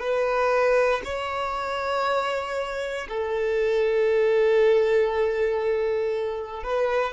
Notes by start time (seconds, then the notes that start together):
0.00 B4
1.04 C#5
3.08 A4
6.63 B4